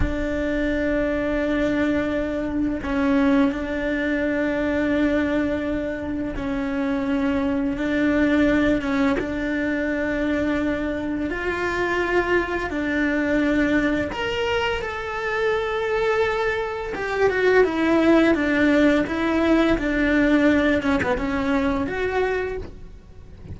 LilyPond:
\new Staff \with { instrumentName = "cello" } { \time 4/4 \tempo 4 = 85 d'1 | cis'4 d'2.~ | d'4 cis'2 d'4~ | d'8 cis'8 d'2. |
f'2 d'2 | ais'4 a'2. | g'8 fis'8 e'4 d'4 e'4 | d'4. cis'16 b16 cis'4 fis'4 | }